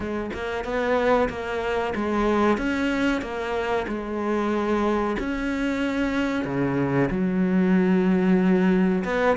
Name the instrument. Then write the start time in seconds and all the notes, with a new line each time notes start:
cello
0.00 G#3
0.33 A#3
0.64 B3
1.29 A#3
1.95 G#3
2.57 C#4
3.21 A#3
3.87 G#3
5.19 C#4
6.44 C#3
7.10 F#3
9.04 B3